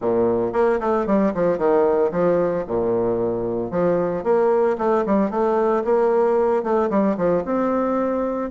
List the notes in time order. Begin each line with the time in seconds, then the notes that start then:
0.01 A#2
0.52 A#3
0.79 A3
1.06 G3
1.34 F3
1.58 D#3
2.11 F3
2.67 A#2
3.70 F3
4.23 A#3
4.78 A3
5.06 G3
5.30 A3
5.84 A#3
6.63 A3
6.90 G3
7.17 F3
7.44 C4